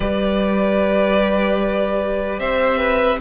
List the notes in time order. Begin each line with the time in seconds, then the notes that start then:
0.00 G3 G4 B4 D5
2.39 C4 C5 E5
2.78 B4